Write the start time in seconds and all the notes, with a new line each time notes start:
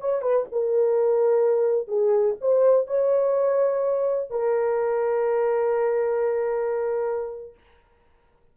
0.00 C#5
0.22 B4
0.51 A#4
1.87 G#4
2.41 C5
2.87 C#5
4.30 A#4